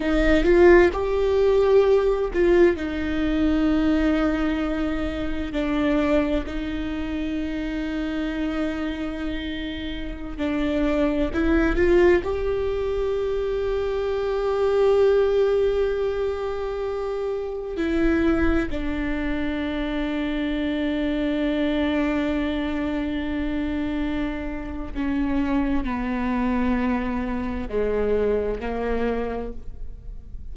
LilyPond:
\new Staff \with { instrumentName = "viola" } { \time 4/4 \tempo 4 = 65 dis'8 f'8 g'4. f'8 dis'4~ | dis'2 d'4 dis'4~ | dis'2.~ dis'16 d'8.~ | d'16 e'8 f'8 g'2~ g'8.~ |
g'2.~ g'16 e'8.~ | e'16 d'2.~ d'8.~ | d'2. cis'4 | b2 gis4 ais4 | }